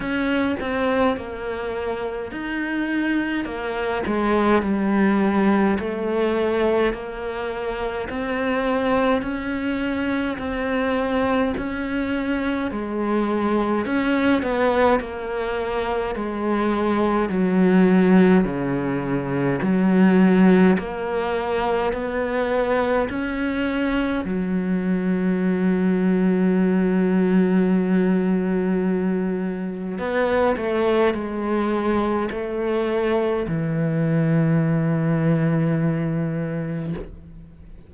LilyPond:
\new Staff \with { instrumentName = "cello" } { \time 4/4 \tempo 4 = 52 cis'8 c'8 ais4 dis'4 ais8 gis8 | g4 a4 ais4 c'4 | cis'4 c'4 cis'4 gis4 | cis'8 b8 ais4 gis4 fis4 |
cis4 fis4 ais4 b4 | cis'4 fis2.~ | fis2 b8 a8 gis4 | a4 e2. | }